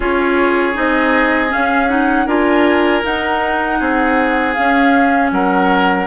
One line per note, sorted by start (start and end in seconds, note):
0.00 0.75 C#4
0.00 0.74 F4
0.00 2.26 G#4
0.00 0.77 C#5
0.74 1.52 C4
0.74 1.49 D#4
0.74 1.52 D#5
1.49 1.87 C#4
1.49 1.89 F5
1.55 2.26 C#4
1.88 2.26 D#4
1.88 2.27 F#5
2.26 3.02 D4
2.26 3.02 F4
2.26 3.78 A#4
2.26 3.04 G#5
3.02 4.54 D#4
3.02 3.80 D#4
3.02 4.53 F#5
3.79 4.56 C4
3.79 5.31 G#4
4.53 6.06 C#4
4.53 5.31 C#4
4.53 5.29 F5
5.31 6.06 F#3
5.31 6.06 A#4
5.31 6.06 F#5